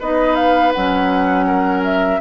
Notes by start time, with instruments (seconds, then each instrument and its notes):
0.00 bassoon B3, clarinet D#4, oboe B4, flute D#5
0.36 flute F5
0.73 bassoon F#3, clarinet C#4, flute F#5
1.47 oboe A#4
1.84 flute E5